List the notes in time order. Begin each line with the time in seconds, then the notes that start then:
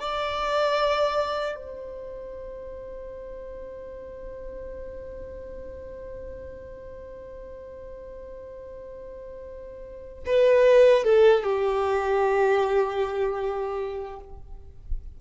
0.00 D5
1.56 C5
10.26 B4
11.04 A4
11.44 G4